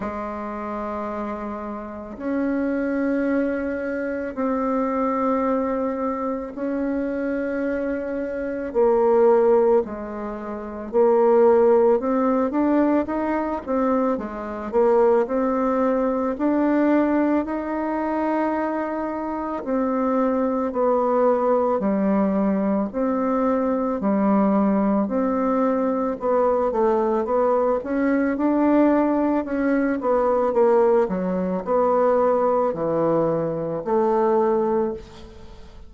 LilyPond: \new Staff \with { instrumentName = "bassoon" } { \time 4/4 \tempo 4 = 55 gis2 cis'2 | c'2 cis'2 | ais4 gis4 ais4 c'8 d'8 | dis'8 c'8 gis8 ais8 c'4 d'4 |
dis'2 c'4 b4 | g4 c'4 g4 c'4 | b8 a8 b8 cis'8 d'4 cis'8 b8 | ais8 fis8 b4 e4 a4 | }